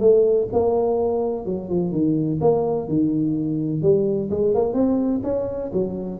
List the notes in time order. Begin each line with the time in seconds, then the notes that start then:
0.00 A3
0.52 A#3
1.45 F#3
1.69 F3
1.91 D#3
2.41 A#3
2.88 D#3
3.82 G3
4.31 G#3
4.54 A#3
4.73 C4
5.23 C#4
5.73 F#3